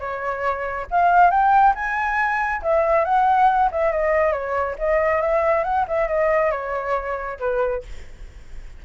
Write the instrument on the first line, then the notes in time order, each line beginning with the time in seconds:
flute
0.00 C#5
0.91 F5
1.31 G5
1.75 G#5
2.62 E5
3.05 F#5
3.72 E5
3.92 D#5
4.33 C#5
4.79 D#5
5.22 E5
5.64 F#5
5.88 E5
6.08 D#5
6.51 C#5
7.40 B4